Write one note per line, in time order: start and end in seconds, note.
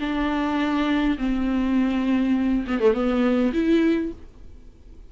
0.00 1.18 D4
1.18 2.65 C4
2.67 2.80 B3
2.80 2.94 A3
2.94 3.52 B3
3.53 4.12 E4